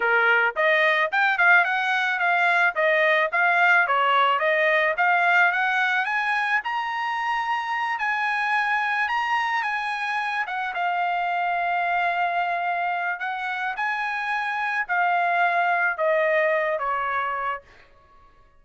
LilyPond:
\new Staff \with { instrumentName = "trumpet" } { \time 4/4 \tempo 4 = 109 ais'4 dis''4 g''8 f''8 fis''4 | f''4 dis''4 f''4 cis''4 | dis''4 f''4 fis''4 gis''4 | ais''2~ ais''8 gis''4.~ |
gis''8 ais''4 gis''4. fis''8 f''8~ | f''1 | fis''4 gis''2 f''4~ | f''4 dis''4. cis''4. | }